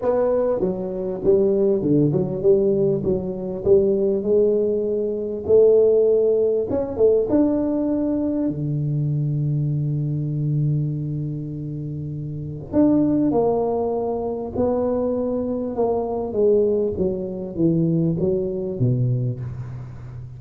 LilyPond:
\new Staff \with { instrumentName = "tuba" } { \time 4/4 \tempo 4 = 99 b4 fis4 g4 d8 fis8 | g4 fis4 g4 gis4~ | gis4 a2 cis'8 a8 | d'2 d2~ |
d1~ | d4 d'4 ais2 | b2 ais4 gis4 | fis4 e4 fis4 b,4 | }